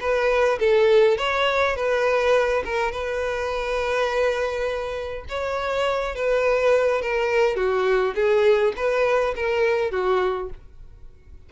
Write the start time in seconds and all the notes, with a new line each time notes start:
0.00 B4
0.59 A4
1.17 C#5
1.76 B4
2.65 A#4
2.91 B4
5.29 C#5
6.15 B4
7.01 A#4
7.56 F#4
8.15 G#4
8.76 B4
9.35 A#4
9.91 F#4